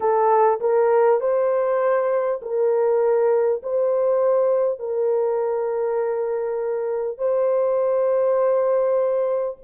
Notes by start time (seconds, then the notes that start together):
0.00 A4
0.60 A#4
1.20 C5
2.42 A#4
3.62 C5
4.79 A#4
7.17 C5